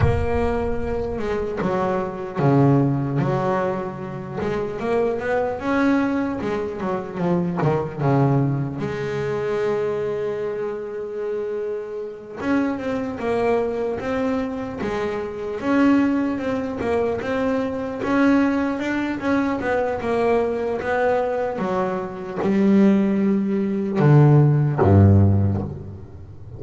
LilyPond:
\new Staff \with { instrumentName = "double bass" } { \time 4/4 \tempo 4 = 75 ais4. gis8 fis4 cis4 | fis4. gis8 ais8 b8 cis'4 | gis8 fis8 f8 dis8 cis4 gis4~ | gis2.~ gis8 cis'8 |
c'8 ais4 c'4 gis4 cis'8~ | cis'8 c'8 ais8 c'4 cis'4 d'8 | cis'8 b8 ais4 b4 fis4 | g2 d4 g,4 | }